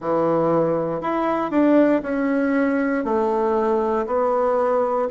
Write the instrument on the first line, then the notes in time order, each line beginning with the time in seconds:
bassoon
0.00 E3
1.01 E4
1.50 D4
2.02 C#4
3.04 A3
4.06 B3